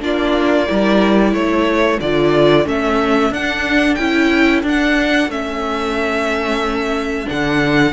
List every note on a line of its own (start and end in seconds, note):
0.00 0.67 A#3
0.00 0.66 D4
0.00 0.69 F4
0.00 1.34 D5
0.66 1.33 G3
0.66 1.98 E4
0.66 1.34 A#4
1.33 1.99 A3
1.33 7.92 A4
1.33 2.00 C#5
2.00 2.65 D3
2.00 2.65 F4
2.00 2.66 D5
2.65 3.30 A3
2.65 3.31 C#4
2.65 3.33 E5
3.30 3.96 D4
3.30 3.99 D4
3.30 3.95 F#5
3.95 4.63 C#4
3.95 4.63 E4
3.95 4.61 G5
4.63 5.28 D4
4.63 5.29 D4
4.63 5.30 F#5
5.28 7.26 A3
5.28 7.25 C#4
5.28 7.28 E5
7.25 7.92 D3
7.25 7.91 D4
7.25 7.92 F#5